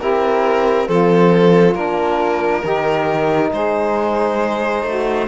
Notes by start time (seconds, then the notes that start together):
0.00 C4 E4 G4 A#4
0.87 F3 C4 F4 A4
1.75 A#3 D4 A#4
2.62 D#3 D#4 G4
3.53 G#3 G#4 C5
4.83 A3 F#4